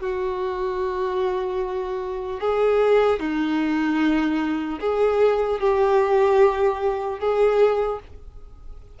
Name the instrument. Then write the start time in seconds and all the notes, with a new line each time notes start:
violin
0.00 F#4
2.40 G#4
3.19 D#4
4.80 G#4
5.60 G4
7.19 G#4